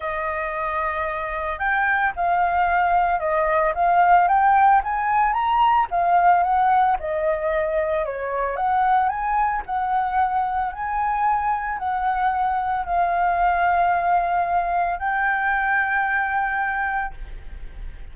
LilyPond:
\new Staff \with { instrumentName = "flute" } { \time 4/4 \tempo 4 = 112 dis''2. g''4 | f''2 dis''4 f''4 | g''4 gis''4 ais''4 f''4 | fis''4 dis''2 cis''4 |
fis''4 gis''4 fis''2 | gis''2 fis''2 | f''1 | g''1 | }